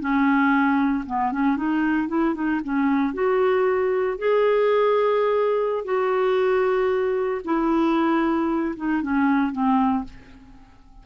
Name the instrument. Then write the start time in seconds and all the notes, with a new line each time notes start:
clarinet
0.00 C#4
1.06 B3
1.32 C#4
1.56 D#4
2.08 E4
2.34 D#4
2.64 C#4
3.14 F#4
4.18 G#4
5.85 F#4
7.44 E4
8.76 D#4
9.02 C#4
9.52 C4